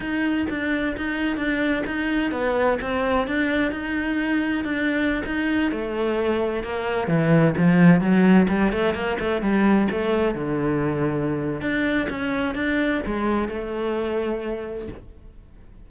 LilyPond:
\new Staff \with { instrumentName = "cello" } { \time 4/4 \tempo 4 = 129 dis'4 d'4 dis'4 d'4 | dis'4 b4 c'4 d'4 | dis'2 d'4~ d'16 dis'8.~ | dis'16 a2 ais4 e8.~ |
e16 f4 fis4 g8 a8 ais8 a16~ | a16 g4 a4 d4.~ d16~ | d4 d'4 cis'4 d'4 | gis4 a2. | }